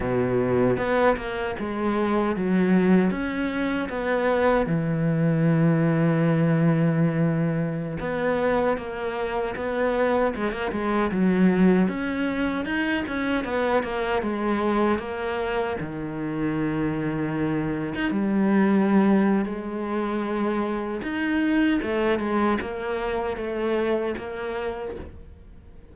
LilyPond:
\new Staff \with { instrumentName = "cello" } { \time 4/4 \tempo 4 = 77 b,4 b8 ais8 gis4 fis4 | cis'4 b4 e2~ | e2~ e16 b4 ais8.~ | ais16 b4 gis16 ais16 gis8 fis4 cis'8.~ |
cis'16 dis'8 cis'8 b8 ais8 gis4 ais8.~ | ais16 dis2~ dis8. dis'16 g8.~ | g4 gis2 dis'4 | a8 gis8 ais4 a4 ais4 | }